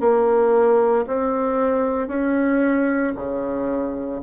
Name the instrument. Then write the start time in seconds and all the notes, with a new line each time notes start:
bassoon
0.00 A#3
1.07 C4
2.08 C#4
3.15 C#3